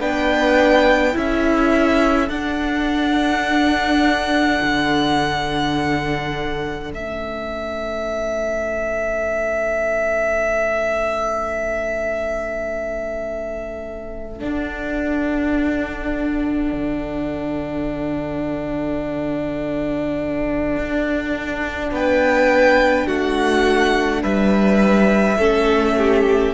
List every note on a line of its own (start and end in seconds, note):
0.00 1.16 B3
0.00 1.13 D4
0.00 1.15 B4
0.00 1.17 G5
1.13 2.30 C#4
1.13 2.29 E4
1.13 21.92 A4
1.13 2.30 E5
2.30 4.60 D4
2.30 6.91 D4
2.30 6.91 F#5
4.62 6.93 D3
6.91 14.43 A3
6.91 14.40 C#4
6.91 14.43 E5
14.40 25.36 D4
14.40 16.73 D4
14.40 21.93 F#5
16.73 20.77 D3
20.77 21.92 D4
21.92 23.07 B3
21.92 23.07 B4
21.92 23.08 G5
23.07 24.23 A3
23.07 24.22 F#4
23.07 24.23 F#5
24.23 25.37 G3
24.23 25.38 B4
24.23 26.54 E5
25.37 26.53 A3
25.37 26.54 C#4
25.37 25.96 A4
25.98 26.54 G4